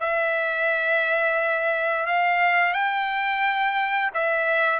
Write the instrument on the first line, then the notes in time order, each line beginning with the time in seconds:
trumpet
0.00 E5
2.06 F5
2.73 G5
4.14 E5